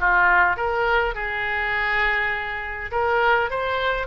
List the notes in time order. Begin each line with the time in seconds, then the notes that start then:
0.00 F4
0.57 A#4
1.14 G#4
2.91 A#4
3.51 C5